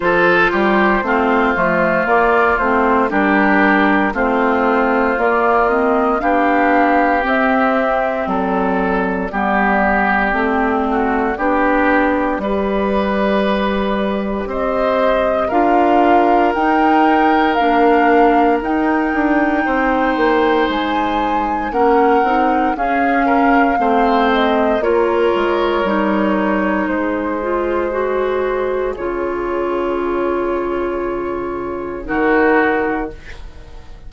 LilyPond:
<<
  \new Staff \with { instrumentName = "flute" } { \time 4/4 \tempo 4 = 58 c''2 d''8 c''8 ais'4 | c''4 d''8 dis''8 f''4 e''4 | d''1~ | d''2 dis''4 f''4 |
g''4 f''4 g''2 | gis''4 fis''4 f''4. dis''8 | cis''2 c''2 | cis''2. ais'4 | }
  \new Staff \with { instrumentName = "oboe" } { \time 4/4 a'8 g'8 f'2 g'4 | f'2 g'2 | a'4 g'4. fis'8 g'4 | b'2 c''4 ais'4~ |
ais'2. c''4~ | c''4 ais'4 gis'8 ais'8 c''4 | ais'2 gis'2~ | gis'2. fis'4 | }
  \new Staff \with { instrumentName = "clarinet" } { \time 4/4 f'4 c'8 a8 ais8 c'8 d'4 | c'4 ais8 c'8 d'4 c'4~ | c'4 b4 c'4 d'4 | g'2. f'4 |
dis'4 d'4 dis'2~ | dis'4 cis'8 dis'8 cis'4 c'4 | f'4 dis'4. f'8 fis'4 | f'2. dis'4 | }
  \new Staff \with { instrumentName = "bassoon" } { \time 4/4 f8 g8 a8 f8 ais8 a8 g4 | a4 ais4 b4 c'4 | fis4 g4 a4 b4 | g2 c'4 d'4 |
dis'4 ais4 dis'8 d'8 c'8 ais8 | gis4 ais8 c'8 cis'4 a4 | ais8 gis8 g4 gis2 | cis2. dis4 | }
>>